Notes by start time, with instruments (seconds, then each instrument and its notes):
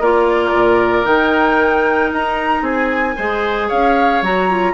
0.00 bassoon A#3, clarinet F4, oboe A#4, flute D5
0.53 bassoon A#2
1.04 bassoon D#3, clarinet D#4, flute G5
2.12 bassoon D#4, flute A#5
2.62 bassoon C4, oboe G#4, flute G#5
3.16 bassoon G#3, clarinet G#4, oboe C5
3.68 bassoon C#4, oboe C#5, flute F5
4.22 bassoon F#3, clarinet F#4, flute A#5
4.50 clarinet F4